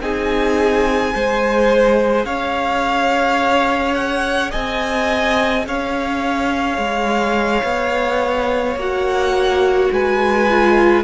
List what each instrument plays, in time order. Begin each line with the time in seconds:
0.00 cello C4, viola D#4, violin G#4 G#5
1.11 cello G#3, viola G#4, violin C5
2.24 cello C#4, violin C#5 F5
3.94 violin F#5
4.50 cello C4, violin D#5 G#5
5.66 cello C#4, violin C#5 F5
6.77 cello G#3
7.63 cello B3
8.75 cello A#3, viola F#4, violin F#5
9.91 cello G#3, violin B4 G#5
10.49 viola F4